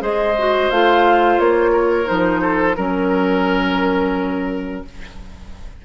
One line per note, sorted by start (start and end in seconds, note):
0.00 0.70 G#3
0.00 0.34 G#4
0.00 1.72 C5
0.00 0.71 D#5
0.38 0.72 F#4
0.71 1.39 A3
0.71 2.05 F4
0.71 1.40 F5
1.39 2.08 A#3
1.39 2.08 C#5
1.72 2.41 A#4
2.05 2.78 F3
2.05 2.74 D#4
2.05 2.76 C5
2.42 2.76 A4
2.76 4.85 F#3
2.76 4.85 C#4
2.76 4.82 A#4
2.76 4.84 A#4